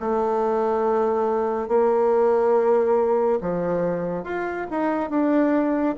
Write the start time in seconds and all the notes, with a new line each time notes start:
0.00 A3
1.68 A#3
3.41 F3
4.24 F4
4.71 D#4
5.10 D4